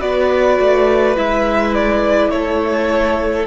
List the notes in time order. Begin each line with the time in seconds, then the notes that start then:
0.00 B3 F#4 B4 D5
0.60 A3
1.16 G#3 E4 E5
1.75 D5
2.31 A3 A4 C#5